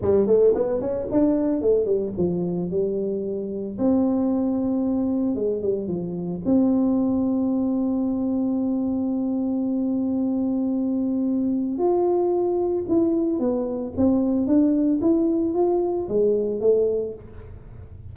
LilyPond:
\new Staff \with { instrumentName = "tuba" } { \time 4/4 \tempo 4 = 112 g8 a8 b8 cis'8 d'4 a8 g8 | f4 g2 c'4~ | c'2 gis8 g8 f4 | c'1~ |
c'1~ | c'2 f'2 | e'4 b4 c'4 d'4 | e'4 f'4 gis4 a4 | }